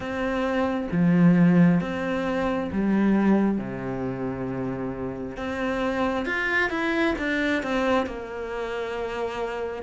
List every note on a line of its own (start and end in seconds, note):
0.00 0.87 C4
0.91 1.80 F3
1.80 2.70 C4
2.72 3.58 G3
3.58 5.36 C3
5.36 6.25 C4
6.25 6.70 F4
6.70 7.14 E4
7.18 7.62 D4
7.62 8.06 C4
8.06 9.83 A#3